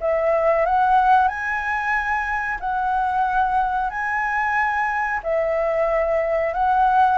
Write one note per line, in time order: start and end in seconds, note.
0.00 0.65 E5
0.65 1.27 F#5
1.27 2.58 G#5
2.60 3.90 F#5
3.90 5.20 G#5
5.23 6.53 E5
6.53 7.18 F#5